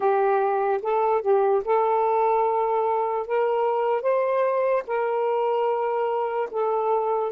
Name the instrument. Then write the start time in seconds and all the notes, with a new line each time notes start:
saxophone
0.00 G4
0.82 A4
1.21 G4
1.64 A4
3.27 A#4
4.02 C5
4.86 A#4
6.51 A4